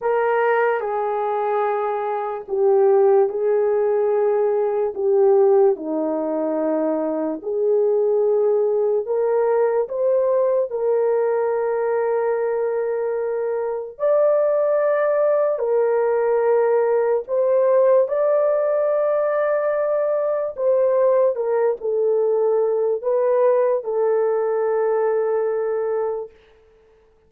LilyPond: \new Staff \with { instrumentName = "horn" } { \time 4/4 \tempo 4 = 73 ais'4 gis'2 g'4 | gis'2 g'4 dis'4~ | dis'4 gis'2 ais'4 | c''4 ais'2.~ |
ais'4 d''2 ais'4~ | ais'4 c''4 d''2~ | d''4 c''4 ais'8 a'4. | b'4 a'2. | }